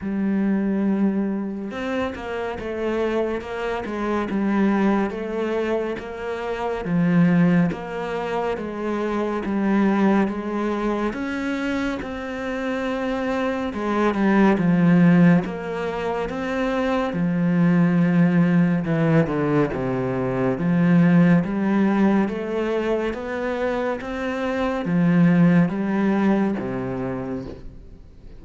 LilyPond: \new Staff \with { instrumentName = "cello" } { \time 4/4 \tempo 4 = 70 g2 c'8 ais8 a4 | ais8 gis8 g4 a4 ais4 | f4 ais4 gis4 g4 | gis4 cis'4 c'2 |
gis8 g8 f4 ais4 c'4 | f2 e8 d8 c4 | f4 g4 a4 b4 | c'4 f4 g4 c4 | }